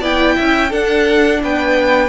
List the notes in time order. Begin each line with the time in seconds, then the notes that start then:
0.00 B3 E4 D5 G5
0.35 C#4 E5
0.69 D4 A4 F#5
1.43 B3 B4 G5